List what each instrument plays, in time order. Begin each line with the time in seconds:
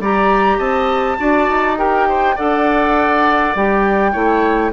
0.00 bassoon G3, clarinet G4, oboe D5, flute A#5
0.58 bassoon C4, oboe D#5, flute A5
1.19 bassoon D4, clarinet F#4, oboe D5
1.49 bassoon D#4
1.77 clarinet G4, oboe A#4, flute G5
2.09 oboe C5
2.36 bassoon D4, clarinet A4, oboe D5, flute F#5
3.56 bassoon G3, clarinet G4, flute G5
4.12 bassoon A3, clarinet E4, oboe C#5